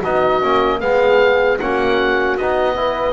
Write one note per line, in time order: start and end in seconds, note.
0.00 0.43 B3
0.00 0.43 D#4
0.00 0.78 F#4
0.00 0.81 D#5
0.43 0.82 A#3
0.43 0.81 C#4
0.81 1.60 G#3
0.81 1.59 B3
0.81 1.58 G#4
0.81 1.58 F5
1.58 2.37 A#3
1.58 2.40 C#4
1.58 2.75 F#4
1.58 2.38 F#5
2.37 3.13 B3
2.37 2.76 D#4
2.37 3.13 D#5
2.76 3.13 E4
2.76 3.13 B4